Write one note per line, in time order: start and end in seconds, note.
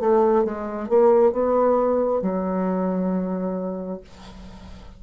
0.00 0.45 A3
0.45 0.89 G#3
0.89 1.33 A#3
1.33 2.22 B3
2.22 4.01 F#3